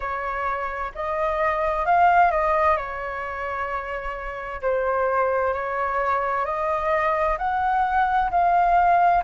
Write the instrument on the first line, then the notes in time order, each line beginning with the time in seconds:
flute
0.00 C#5
0.94 D#5
1.85 F5
2.31 D#5
2.77 C#5
4.61 C5
5.53 C#5
6.45 D#5
7.38 F#5
8.30 F5